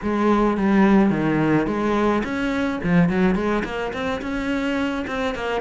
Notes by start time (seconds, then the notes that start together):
0.02 G#3
0.57 G3
1.10 D#3
1.66 G#3
2.24 C#4
2.83 F3
3.09 F#3
3.35 G#3
3.64 A#3
3.93 C4
4.21 C#4
5.07 C4
5.34 A#3